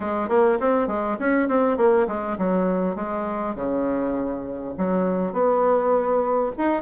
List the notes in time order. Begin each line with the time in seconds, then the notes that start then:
0.00 G#3
0.28 A#3
0.60 C4
0.87 G#3
1.19 C#4
1.48 C4
1.77 A#3
2.07 G#3
2.38 F#3
2.95 G#3
3.55 C#3
4.77 F#3
5.32 B3
6.57 D#4